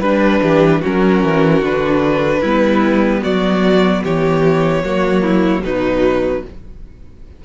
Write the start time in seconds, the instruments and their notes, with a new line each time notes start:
0.00 cello G3, viola D4, violin B4
0.41 cello E3, violin G4
0.81 cello F#3, viola C#4, violin F#4 A#4
1.24 cello E3
1.61 cello D3, viola D4, violin B4
2.41 cello G3, viola B3, violin E4
3.22 cello F#3, violin F#4 D5
4.03 cello E3, violin G4 C#5
4.83 cello F#3, viola A#3, violin F#4
5.22 violin E4
5.62 cello B2, viola F#3, violin D#4 B4